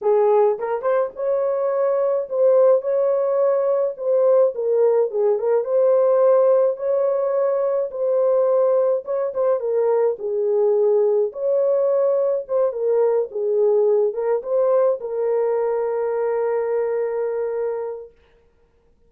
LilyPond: \new Staff \with { instrumentName = "horn" } { \time 4/4 \tempo 4 = 106 gis'4 ais'8 c''8 cis''2 | c''4 cis''2 c''4 | ais'4 gis'8 ais'8 c''2 | cis''2 c''2 |
cis''8 c''8 ais'4 gis'2 | cis''2 c''8 ais'4 gis'8~ | gis'4 ais'8 c''4 ais'4.~ | ais'1 | }